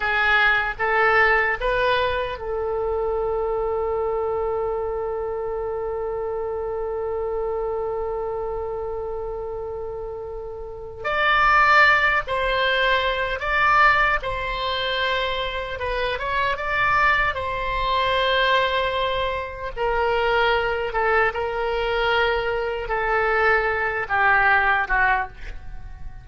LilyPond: \new Staff \with { instrumentName = "oboe" } { \time 4/4 \tempo 4 = 76 gis'4 a'4 b'4 a'4~ | a'1~ | a'1~ | a'2 d''4. c''8~ |
c''4 d''4 c''2 | b'8 cis''8 d''4 c''2~ | c''4 ais'4. a'8 ais'4~ | ais'4 a'4. g'4 fis'8 | }